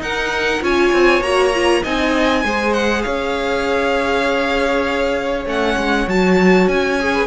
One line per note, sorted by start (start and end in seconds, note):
0.00 0.61 D#4
0.00 0.63 A#4
0.00 0.63 F#5
0.61 0.92 C#4
0.61 1.22 F4
0.61 1.83 C#5
0.61 1.22 G#5
0.93 1.21 C4
1.21 1.82 A#3
1.21 1.53 F#4
1.21 1.83 A#5
1.55 1.84 F4
1.83 2.44 C4
1.83 2.44 D#4
1.83 2.43 D#5
1.83 2.73 G#5
2.44 3.05 G#3
2.44 5.46 G#4
2.44 3.04 C5
2.73 3.02 F#5
3.02 5.45 C#4
3.02 7.14 C#5
3.02 5.44 F5
5.45 5.76 A3
5.45 6.07 C#4
5.45 6.09 F#5
5.77 6.07 G#3
6.07 6.68 F#3
6.07 7.00 F#4
6.07 6.68 A5
6.68 7.27 C#4
6.68 7.27 G#5
7.00 7.27 G#4
7.14 7.27 B4